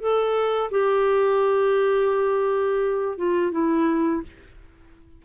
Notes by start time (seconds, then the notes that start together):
0.00 A4
0.71 G4
3.18 F4
3.52 E4